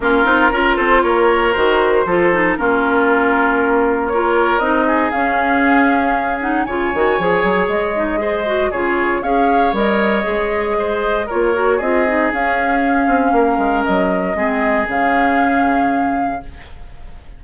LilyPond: <<
  \new Staff \with { instrumentName = "flute" } { \time 4/4 \tempo 4 = 117 ais'4. c''8 cis''4 c''4~ | c''4 ais'2. | cis''4 dis''4 f''2~ | f''8 fis''8 gis''2 dis''4~ |
dis''4 cis''4 f''4 dis''4~ | dis''2 cis''4 dis''4 | f''2. dis''4~ | dis''4 f''2. | }
  \new Staff \with { instrumentName = "oboe" } { \time 4/4 f'4 ais'8 a'8 ais'2 | a'4 f'2. | ais'4. gis'2~ gis'8~ | gis'4 cis''2. |
c''4 gis'4 cis''2~ | cis''4 c''4 ais'4 gis'4~ | gis'2 ais'2 | gis'1 | }
  \new Staff \with { instrumentName = "clarinet" } { \time 4/4 cis'8 dis'8 f'2 fis'4 | f'8 dis'8 cis'2. | f'4 dis'4 cis'2~ | cis'8 dis'8 f'8 fis'8 gis'4. dis'8 |
gis'8 fis'8 f'4 gis'4 ais'4 | gis'2 f'8 fis'8 f'8 dis'8 | cis'1 | c'4 cis'2. | }
  \new Staff \with { instrumentName = "bassoon" } { \time 4/4 ais8 c'8 cis'8 c'8 ais4 dis4 | f4 ais2.~ | ais4 c'4 cis'2~ | cis'4 cis8 dis8 f8 fis8 gis4~ |
gis4 cis4 cis'4 g4 | gis2 ais4 c'4 | cis'4. c'8 ais8 gis8 fis4 | gis4 cis2. | }
>>